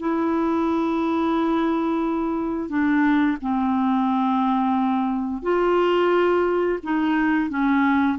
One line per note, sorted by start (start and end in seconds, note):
0.00 2.70 E4
2.70 3.38 D4
3.42 5.43 C4
5.43 6.79 F4
6.84 7.50 D#4
7.50 8.18 C#4